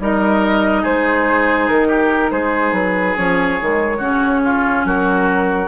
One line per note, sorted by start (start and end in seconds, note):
0.00 0.85 G3
0.00 3.17 D#4
0.00 0.83 A#4
0.00 0.86 D#5
0.83 1.69 G#3
0.83 1.88 G#4
0.83 1.69 C5
1.69 2.31 D#3
1.69 2.32 A#4
1.88 2.31 G4
2.31 2.73 G#3
2.31 3.98 G#4
2.31 2.74 C5
2.73 3.15 F#3
2.73 3.16 B4
3.17 3.61 F3
3.17 3.59 C#4
3.17 4.86 C#5
3.61 4.00 D#3
3.61 4.01 G#3
3.98 4.85 C#3
3.98 5.68 C#4
3.98 4.40 F#4
4.45 4.86 F4
4.85 5.68 F#3
4.85 5.68 F#4
4.85 5.68 A#4